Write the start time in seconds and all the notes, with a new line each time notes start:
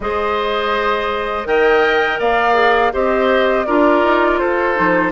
0.00 G#3 G#4 C5 D#5
1.44 D#3 A#4 D#5 G5
2.19 A#3 D5 F5
2.54 G#4
2.92 C4 G4 C5 D#5
3.66 D4 F4 A#4 D5
4.03 D#4
4.38 F4 A4 C5
4.74 F3 D#4